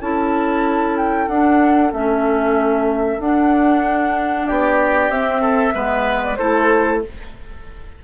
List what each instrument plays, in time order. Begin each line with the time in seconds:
0.00 bassoon C#4, clarinet E4, oboe A4, flute A5
0.97 flute G5
1.28 bassoon D4, clarinet D4, flute F#5
1.92 bassoon A3, clarinet C#4, flute E5
3.19 bassoon D4, clarinet D4, flute F#5
4.46 bassoon B3, oboe G4, flute D5
5.09 bassoon C4, clarinet C4, flute E5
5.41 oboe A4
5.73 bassoon G#3, clarinet B3, oboe B4
6.23 flute D5
6.36 bassoon A3, clarinet E4, oboe A4, flute C5